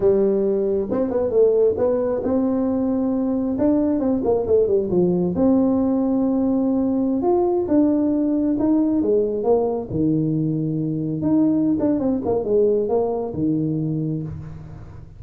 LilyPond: \new Staff \with { instrumentName = "tuba" } { \time 4/4 \tempo 4 = 135 g2 c'8 b8 a4 | b4 c'2. | d'4 c'8 ais8 a8 g8 f4 | c'1~ |
c'16 f'4 d'2 dis'8.~ | dis'16 gis4 ais4 dis4.~ dis16~ | dis4~ dis16 dis'4~ dis'16 d'8 c'8 ais8 | gis4 ais4 dis2 | }